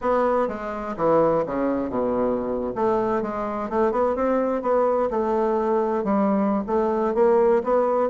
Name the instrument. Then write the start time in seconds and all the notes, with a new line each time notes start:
bassoon
0.01 B3
0.47 G#3
0.96 E3
1.45 C#3
1.89 B2
2.75 A3
3.22 G#3
3.69 A3
3.91 B3
4.15 C4
4.62 B3
5.10 A3
6.04 G3
6.66 A3
7.14 A#3
7.63 B3